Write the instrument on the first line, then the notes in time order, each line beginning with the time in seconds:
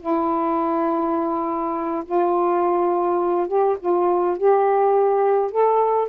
saxophone
0.00 E4
2.05 F4
3.48 G4
3.80 F4
4.38 G4
5.52 A4